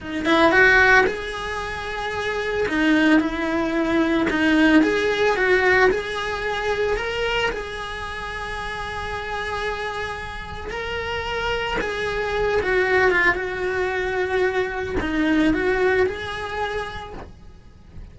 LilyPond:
\new Staff \with { instrumentName = "cello" } { \time 4/4 \tempo 4 = 112 dis'8 e'8 fis'4 gis'2~ | gis'4 dis'4 e'2 | dis'4 gis'4 fis'4 gis'4~ | gis'4 ais'4 gis'2~ |
gis'1 | ais'2 gis'4. fis'8~ | fis'8 f'8 fis'2. | dis'4 fis'4 gis'2 | }